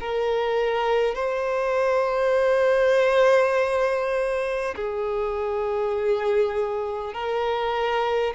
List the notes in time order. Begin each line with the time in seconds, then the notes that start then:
0.00 A#4
1.15 C5
4.76 G#4
7.14 A#4